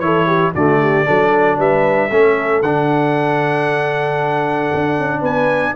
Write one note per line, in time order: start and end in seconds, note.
0.00 0.52 E3
0.00 0.54 E4
0.00 0.27 A4
0.00 0.52 C#5
0.27 0.53 G4
0.54 1.07 D3
0.54 1.06 A3
0.54 0.81 F#4
0.54 1.60 D5
0.82 1.06 G4
1.06 1.58 F#3
1.06 2.10 D4
1.06 1.59 A4
1.58 2.11 G3
1.58 2.11 B4
1.58 2.62 E5
2.11 2.62 A3
2.11 2.63 C#4
2.11 5.21 A4
2.62 4.71 D3
2.62 5.76 D4
2.62 5.23 F#5
4.74 4.99 D4
4.99 5.22 C#4
5.21 5.74 B3
5.21 5.73 B4
5.21 5.76 G#5